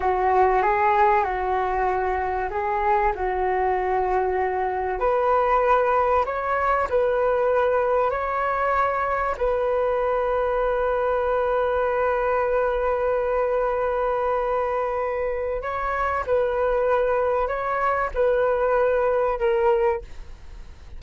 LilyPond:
\new Staff \with { instrumentName = "flute" } { \time 4/4 \tempo 4 = 96 fis'4 gis'4 fis'2 | gis'4 fis'2. | b'2 cis''4 b'4~ | b'4 cis''2 b'4~ |
b'1~ | b'1~ | b'4 cis''4 b'2 | cis''4 b'2 ais'4 | }